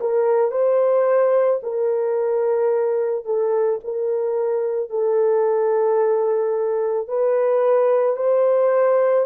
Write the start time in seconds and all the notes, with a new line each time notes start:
0.00 A#4
0.51 C5
1.62 A#4
3.25 A4
3.84 A#4
4.89 A4
7.08 B4
8.16 C5